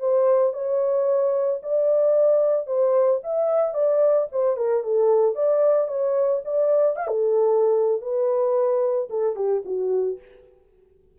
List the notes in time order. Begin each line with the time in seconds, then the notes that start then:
0.00 C5
0.53 C#5
1.63 D5
2.67 C5
3.24 E5
3.74 D5
4.32 C5
4.57 A#4
4.84 A4
5.35 D5
5.88 C#5
6.45 D5
6.96 F5
7.08 A4
8.01 B4
9.10 A4
9.36 G4
9.65 F#4